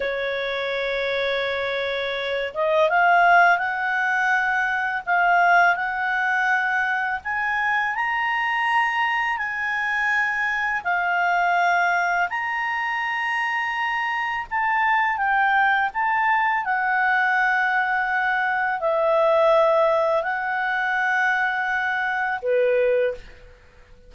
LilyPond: \new Staff \with { instrumentName = "clarinet" } { \time 4/4 \tempo 4 = 83 cis''2.~ cis''8 dis''8 | f''4 fis''2 f''4 | fis''2 gis''4 ais''4~ | ais''4 gis''2 f''4~ |
f''4 ais''2. | a''4 g''4 a''4 fis''4~ | fis''2 e''2 | fis''2. b'4 | }